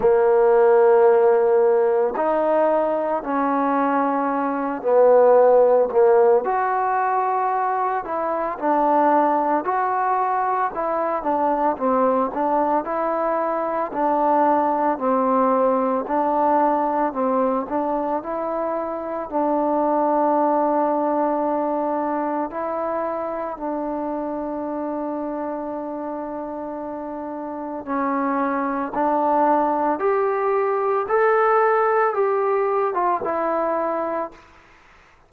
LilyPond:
\new Staff \with { instrumentName = "trombone" } { \time 4/4 \tempo 4 = 56 ais2 dis'4 cis'4~ | cis'8 b4 ais8 fis'4. e'8 | d'4 fis'4 e'8 d'8 c'8 d'8 | e'4 d'4 c'4 d'4 |
c'8 d'8 e'4 d'2~ | d'4 e'4 d'2~ | d'2 cis'4 d'4 | g'4 a'4 g'8. f'16 e'4 | }